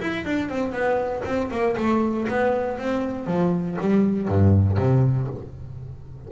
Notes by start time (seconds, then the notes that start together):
0.00 E4
0.25 D4
0.49 C4
0.72 B3
1.25 C4
1.51 A#3
1.76 A3
2.28 B3
2.78 C4
3.26 F3
3.80 G3
4.28 G2
4.77 C3